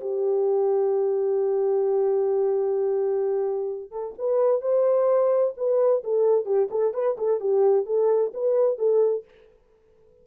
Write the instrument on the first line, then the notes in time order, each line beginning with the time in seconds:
horn
0.00 G4
3.90 A4
4.18 B4
4.61 C5
5.57 B4
6.04 A4
6.45 G4
6.70 A4
6.93 B4
7.17 A4
7.40 G4
7.85 A4
8.33 B4
8.78 A4